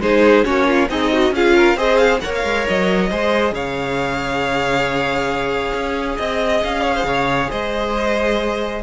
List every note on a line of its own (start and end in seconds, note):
0.00 0.44 G#3
0.00 0.45 D#4
0.00 0.46 G#4
0.00 0.45 C5
0.45 0.90 A#3
0.45 0.89 C#4
0.45 0.67 F#4
0.45 0.89 C#5
0.67 0.89 F4
0.90 1.32 C4
0.90 1.34 D#4
0.90 1.13 G#4
0.90 1.35 D#5
1.13 1.35 F#4
1.32 1.75 C#4
1.32 1.77 F4
1.32 1.56 G#4
1.32 1.79 F5
1.56 1.77 A#4
1.75 2.19 C4
1.75 2.22 G#4
1.75 2.21 C5
1.75 1.98 D#5
1.98 2.20 F5
2.21 2.44 A#3
2.21 3.11 A#4
2.21 3.10 C#5
2.21 2.32 F#5
2.35 2.68 F5
2.44 2.66 G#3
2.68 3.11 F#3
2.68 3.55 D#5
3.10 3.52 G#3
3.10 8.84 G#4
3.10 3.54 C5
3.52 5.73 C#3
3.52 6.17 C#5
3.52 6.19 F5
5.74 6.18 C#4
6.17 6.63 C4
6.17 6.83 D#5
6.17 6.64 D#5
6.64 7.04 C#4
6.64 7.51 F5
6.83 6.94 C#5
6.95 7.06 C5
7.04 7.48 C#3
7.04 7.51 C#5
7.51 8.84 G#3
7.51 8.83 C5
7.51 8.84 D#5